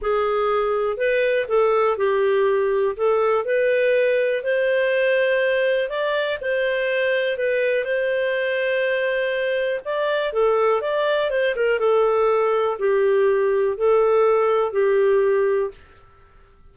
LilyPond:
\new Staff \with { instrumentName = "clarinet" } { \time 4/4 \tempo 4 = 122 gis'2 b'4 a'4 | g'2 a'4 b'4~ | b'4 c''2. | d''4 c''2 b'4 |
c''1 | d''4 a'4 d''4 c''8 ais'8 | a'2 g'2 | a'2 g'2 | }